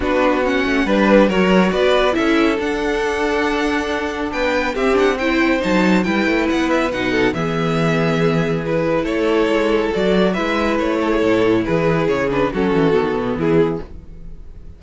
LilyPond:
<<
  \new Staff \with { instrumentName = "violin" } { \time 4/4 \tempo 4 = 139 b'4 fis''4 b'4 cis''4 | d''4 e''4 fis''2~ | fis''2 g''4 e''8 fis''8 | g''4 a''4 g''4 fis''8 e''8 |
fis''4 e''2. | b'4 cis''2 d''4 | e''4 cis''2 b'4 | cis''8 b'8 a'2 gis'4 | }
  \new Staff \with { instrumentName = "violin" } { \time 4/4 fis'2 b'4 ais'4 | b'4 a'2.~ | a'2 b'4 g'4 | c''2 b'2~ |
b'8 a'8 gis'2.~ | gis'4 a'2. | b'4. a'16 gis'16 a'4 gis'4~ | gis'4 fis'2 e'4 | }
  \new Staff \with { instrumentName = "viola" } { \time 4/4 d'4 cis'4 d'4 fis'4~ | fis'4 e'4 d'2~ | d'2. c'8 d'8 | e'4 dis'4 e'2 |
dis'4 b2. | e'2. fis'4 | e'1~ | e'8 d'8 cis'4 b2 | }
  \new Staff \with { instrumentName = "cello" } { \time 4/4 b4. a8 g4 fis4 | b4 cis'4 d'2~ | d'2 b4 c'4~ | c'4 fis4 g8 a8 b4 |
b,4 e2.~ | e4 a4 gis4 fis4 | gis4 a4 a,4 e4 | cis4 fis8 e8 dis8 b,8 e4 | }
>>